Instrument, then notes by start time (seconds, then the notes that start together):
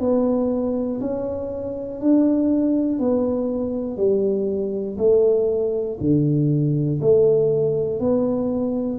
tuba
0.00 B3
1.01 C#4
2.01 D4
2.99 B3
3.97 G3
4.98 A3
6.00 D3
7.01 A3
8.00 B3